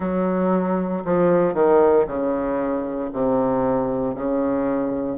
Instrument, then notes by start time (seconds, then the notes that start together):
bassoon
0.00 F#3
1.04 F3
1.53 D#3
2.06 C#3
3.13 C3
4.14 C#3